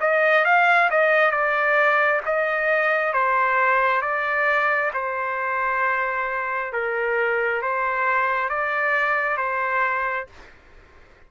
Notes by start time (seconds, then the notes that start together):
0.00 D#5
0.45 F5
0.90 D#5
1.31 D5
2.26 D#5
3.13 C5
4.01 D5
4.93 C5
6.72 A#4
7.62 C5
8.49 D5
9.37 C5